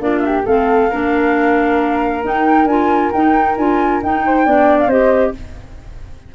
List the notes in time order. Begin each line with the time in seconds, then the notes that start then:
0.00 A#3 D4 F4 D5
0.20 G4 E5
0.46 A3 C4 A4 F5
0.90 A#3 D4 A#4
2.23 D#4 G5
2.65 D4 F4 G#5
3.12 D#4 G5
3.58 D4 F4 G#5
4.03 D#4 G5
4.26 C5
4.45 B3 D4 D5
4.80 F5
4.87 C4 G4 C5 D#5